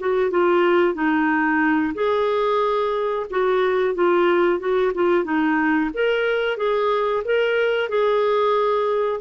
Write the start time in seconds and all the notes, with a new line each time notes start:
0.00 F#4
0.31 F4
0.95 D#4
1.95 G#4
3.31 F#4
3.95 F4
4.60 F#4
4.95 F4
5.25 D#4
5.94 A#4
6.58 G#4
7.25 A#4
7.89 G#4